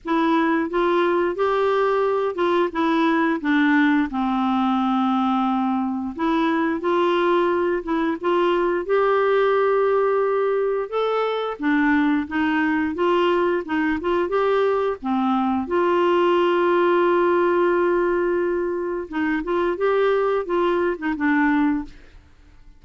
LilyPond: \new Staff \with { instrumentName = "clarinet" } { \time 4/4 \tempo 4 = 88 e'4 f'4 g'4. f'8 | e'4 d'4 c'2~ | c'4 e'4 f'4. e'8 | f'4 g'2. |
a'4 d'4 dis'4 f'4 | dis'8 f'8 g'4 c'4 f'4~ | f'1 | dis'8 f'8 g'4 f'8. dis'16 d'4 | }